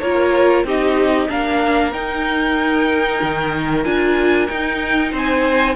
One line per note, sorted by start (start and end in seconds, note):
0.00 0.64 A#3
0.00 0.66 F4
0.00 0.66 A#4
0.00 0.64 C#5
0.64 1.28 C4
0.64 1.29 D#4
0.64 1.29 G4
0.64 1.30 D#5
1.29 1.92 A#3
1.29 1.92 D4
1.29 5.11 A#4
1.29 1.93 F5
1.92 3.20 D#4
1.92 3.84 D#4
1.92 3.84 G5
3.22 3.85 D#3
3.84 4.49 D4
3.84 4.48 F4
3.84 4.48 G#5
4.48 5.13 D#4
4.48 5.76 D#4
4.48 5.11 G5
5.11 5.76 C4
5.11 5.75 C5
5.11 5.76 G#5